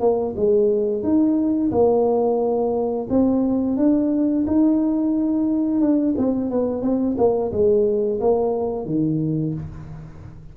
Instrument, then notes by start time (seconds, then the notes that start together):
tuba
0.00 A#3
0.36 G#3
1.03 D#4
1.71 A#3
3.09 C4
3.77 D4
4.47 D#4
5.81 D4
6.17 C4
6.50 B3
6.82 C4
7.17 A#3
7.52 G#3
8.20 A#3
8.86 D#3